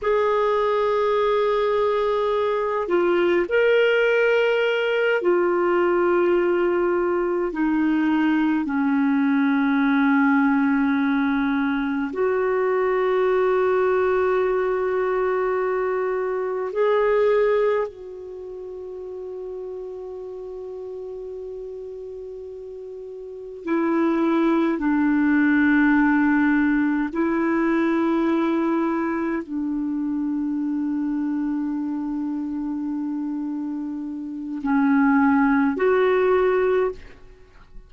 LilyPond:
\new Staff \with { instrumentName = "clarinet" } { \time 4/4 \tempo 4 = 52 gis'2~ gis'8 f'8 ais'4~ | ais'8 f'2 dis'4 cis'8~ | cis'2~ cis'8 fis'4.~ | fis'2~ fis'8 gis'4 fis'8~ |
fis'1~ | fis'8 e'4 d'2 e'8~ | e'4. d'2~ d'8~ | d'2 cis'4 fis'4 | }